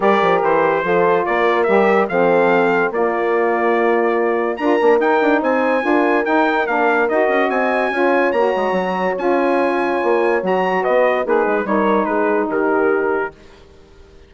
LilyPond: <<
  \new Staff \with { instrumentName = "trumpet" } { \time 4/4 \tempo 4 = 144 d''4 c''2 d''4 | e''4 f''2 d''4~ | d''2. ais''4 | g''4 gis''2 g''4 |
f''4 dis''4 gis''2 | ais''2 gis''2~ | gis''4 ais''4 dis''4 b'4 | cis''4 b'4 ais'2 | }
  \new Staff \with { instrumentName = "horn" } { \time 4/4 ais'2 a'4 ais'4~ | ais'4 a'2 f'4~ | f'2. ais'4~ | ais'4 c''4 ais'2~ |
ais'2 dis''4 cis''4~ | cis''1~ | cis''2 b'4 dis'4 | ais'4 gis'4 g'2 | }
  \new Staff \with { instrumentName = "saxophone" } { \time 4/4 g'2 f'2 | g'4 c'2 ais4~ | ais2. f'8 d'8 | dis'2 f'4 dis'4 |
d'4 fis'2 f'4 | fis'2 f'2~ | f'4 fis'2 gis'4 | dis'1 | }
  \new Staff \with { instrumentName = "bassoon" } { \time 4/4 g8 f8 e4 f4 ais4 | g4 f2 ais4~ | ais2. d'8 ais8 | dis'8 d'8 c'4 d'4 dis'4 |
ais4 dis'8 cis'8 c'4 cis'4 | ais8 gis8 fis4 cis'2 | ais4 fis4 b4 ais8 gis8 | g4 gis4 dis2 | }
>>